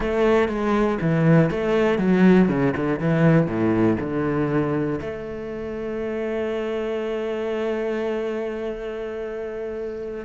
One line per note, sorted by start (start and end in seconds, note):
0.00 0.48 A3
0.48 0.98 G#3
1.01 1.50 E3
1.50 1.98 A3
1.98 2.48 F#3
2.48 2.73 C#3
2.76 2.99 D3
2.99 3.46 E3
3.46 3.96 A2
4.00 5.00 D3
5.00 10.24 A3